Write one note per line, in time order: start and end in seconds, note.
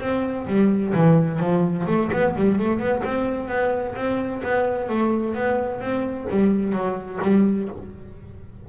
0.00 0.47 C4
0.47 0.93 G3
0.94 1.40 E3
1.40 1.86 F3
1.87 2.11 A3
2.12 2.36 B3
2.36 2.59 G3
2.59 2.79 A3
2.79 3.02 B3
3.04 3.48 C4
3.48 3.95 B3
3.95 4.42 C4
4.43 4.89 B3
4.89 5.35 A3
5.35 5.81 B3
5.81 6.27 C4
6.30 6.73 G3
6.73 7.19 F#3
7.22 7.69 G3